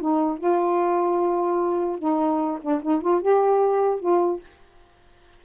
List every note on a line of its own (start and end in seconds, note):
0.00 0.38 D#4
0.38 1.98 F4
1.98 2.59 D#4
2.61 2.81 D4
2.82 3.01 D#4
3.01 3.21 F4
3.21 3.99 G4
3.99 4.40 F4